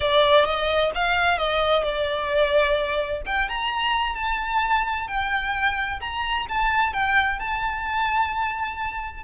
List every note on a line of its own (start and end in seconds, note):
0.00 0.45 D5
0.45 0.91 D#5
0.94 1.37 F5
1.37 1.83 D#5
1.83 3.21 D5
3.25 3.48 G5
3.48 4.15 A#5
4.15 5.07 A5
5.07 5.99 G5
6.00 6.46 A#5
6.48 6.93 A5
6.93 7.39 G5
7.39 9.23 A5